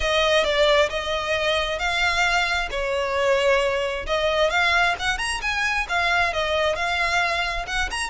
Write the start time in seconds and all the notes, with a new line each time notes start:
0.00 D#5
0.44 D5
0.89 D#5
1.78 F5
2.70 C#5
4.06 D#5
4.49 F5
4.99 F#5
5.18 A#5
5.41 G#5
5.88 F5
6.33 D#5
6.75 F5
7.67 F#5
7.90 A#5